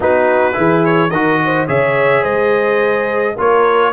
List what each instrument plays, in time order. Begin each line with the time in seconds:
0.00 tuba B3, trombone D#4, horn F#4, trumpet B4
0.53 tuba E3, trombone E4, horn G#4
0.85 trumpet C#5
1.09 tuba D#3, trombone F#4, horn A#4, trumpet D#5
1.44 horn C5
1.67 tuba C#3, trombone G#4, horn C#5, trumpet E5
2.22 tuba G#3, horn C5, trumpet D#5
3.35 tuba A#3, trombone F4, horn A#4, trumpet C#5